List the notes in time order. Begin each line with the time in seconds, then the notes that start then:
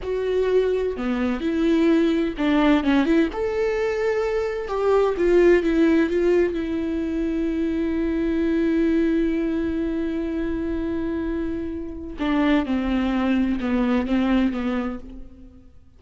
0.03 F#4
0.97 B3
1.40 E4
2.37 D4
2.83 C#4
3.05 E4
3.32 A4
4.67 G4
5.17 F4
5.63 E4
6.10 F4
6.53 E4
12.19 D4
12.65 C4
13.60 B3
14.06 C4
14.52 B3